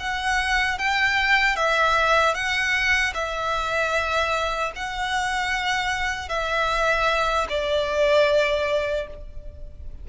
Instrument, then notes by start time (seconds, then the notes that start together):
violin
0.00 F#5
0.79 G5
1.56 E5
2.35 F#5
3.14 E5
4.76 F#5
6.29 E5
7.50 D5